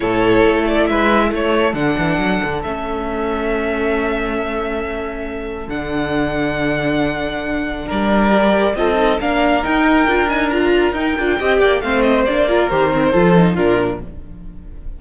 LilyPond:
<<
  \new Staff \with { instrumentName = "violin" } { \time 4/4 \tempo 4 = 137 cis''4. d''8 e''4 cis''4 | fis''2 e''2~ | e''1~ | e''4 fis''2.~ |
fis''2 d''2 | dis''4 f''4 g''4. gis''8 | ais''4 g''2 f''8 dis''8 | d''4 c''2 ais'4 | }
  \new Staff \with { instrumentName = "violin" } { \time 4/4 a'2 b'4 a'4~ | a'1~ | a'1~ | a'1~ |
a'2 ais'2 | a'4 ais'2.~ | ais'2 dis''8 d''8 c''4~ | c''8 ais'4. a'4 f'4 | }
  \new Staff \with { instrumentName = "viola" } { \time 4/4 e'1 | d'2 cis'2~ | cis'1~ | cis'4 d'2.~ |
d'2. g'4 | f'8 dis'8 d'4 dis'4 f'8 dis'8 | f'4 dis'8 f'8 g'4 c'4 | d'8 f'8 g'8 c'8 f'8 dis'8 d'4 | }
  \new Staff \with { instrumentName = "cello" } { \time 4/4 a,4 a4 gis4 a4 | d8 e8 fis8 d8 a2~ | a1~ | a4 d2.~ |
d2 g2 | c'4 ais4 dis'4 d'4~ | d'4 dis'8 d'8 c'8 ais8 a4 | ais4 dis4 f4 ais,4 | }
>>